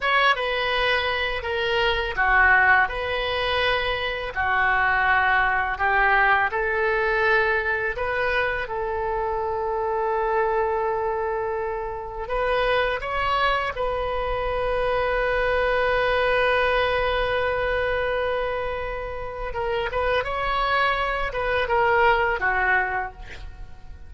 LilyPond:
\new Staff \with { instrumentName = "oboe" } { \time 4/4 \tempo 4 = 83 cis''8 b'4. ais'4 fis'4 | b'2 fis'2 | g'4 a'2 b'4 | a'1~ |
a'4 b'4 cis''4 b'4~ | b'1~ | b'2. ais'8 b'8 | cis''4. b'8 ais'4 fis'4 | }